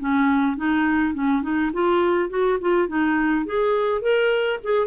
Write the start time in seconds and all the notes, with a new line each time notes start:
0.00 C#4
0.57 D#4
1.14 C#4
1.43 D#4
1.74 F4
2.30 F#4
2.61 F4
2.88 D#4
3.46 G#4
4.02 A#4
4.64 G#4